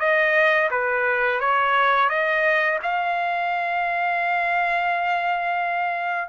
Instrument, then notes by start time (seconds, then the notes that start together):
trumpet
0.00 D#5
0.71 B4
1.41 C#5
2.10 D#5
2.83 F5